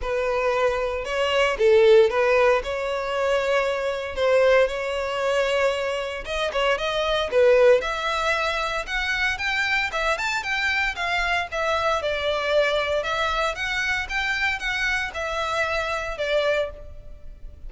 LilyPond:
\new Staff \with { instrumentName = "violin" } { \time 4/4 \tempo 4 = 115 b'2 cis''4 a'4 | b'4 cis''2. | c''4 cis''2. | dis''8 cis''8 dis''4 b'4 e''4~ |
e''4 fis''4 g''4 e''8 a''8 | g''4 f''4 e''4 d''4~ | d''4 e''4 fis''4 g''4 | fis''4 e''2 d''4 | }